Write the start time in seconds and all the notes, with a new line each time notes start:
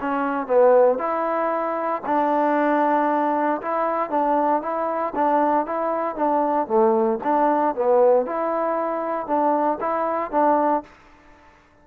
0.00 C#4
0.46 B3
0.98 E4
2.05 D4
3.61 E4
4.10 D4
4.62 E4
5.15 D4
5.66 E4
6.15 D4
6.67 A3
7.23 D4
7.75 B3
8.26 E4
9.26 D4
9.80 E4
10.31 D4